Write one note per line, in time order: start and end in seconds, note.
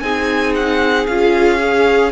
0.00 1.07 C4
0.00 1.07 D#4
0.00 2.12 G#4
0.00 0.53 G#5
0.55 1.07 F#5
1.07 2.12 C#4
1.07 1.59 F4
1.07 2.12 F5
1.59 2.12 G#4